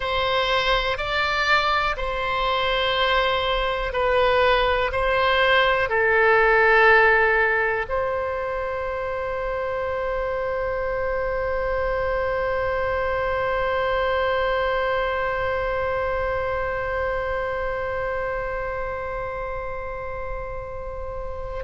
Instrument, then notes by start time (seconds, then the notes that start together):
oboe
0.00 C5
0.97 D5
1.96 C5
3.93 B4
4.92 C5
5.89 A4
7.89 C5